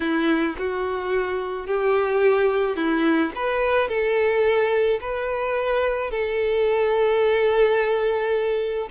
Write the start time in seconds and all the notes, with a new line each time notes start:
0.00 E4
0.58 F#4
1.66 G4
2.76 E4
3.35 B4
3.88 A4
5.00 B4
6.11 A4